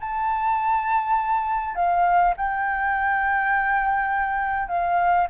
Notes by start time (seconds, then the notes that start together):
0.00 A5
1.75 F5
2.37 G5
4.69 F5